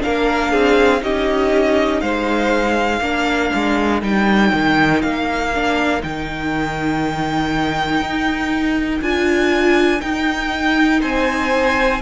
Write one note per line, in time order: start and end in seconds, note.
0.00 1.00 D4
0.00 0.52 A#4
0.00 1.03 F5
0.06 0.54 A#3
0.52 1.02 C4
0.52 1.02 G#4
1.01 2.02 C#4
1.01 3.01 D#4
1.01 2.02 G4
1.01 2.01 D#5
2.01 3.01 G#3
2.01 3.02 C5
2.01 4.01 F5
3.01 3.51 A#3
3.01 4.01 D4
3.01 11.01 A#4
3.54 4.03 G#3
4.01 4.53 G3
4.01 5.51 D#4
4.01 5.02 G5
4.53 5.03 D#3
5.02 6.03 A#3
5.02 6.02 F5
5.55 6.00 D4
6.00 8.01 D#3
6.00 9.00 D#4
6.00 9.02 G5
8.01 9.01 D#4
9.01 10.01 D4
9.01 10.00 F4
9.01 10.01 G#5
10.00 12.00 D#4
10.00 11.02 D#4
10.00 11.01 G5
11.01 12.02 C4
11.01 12.01 C5
11.01 12.02 G#5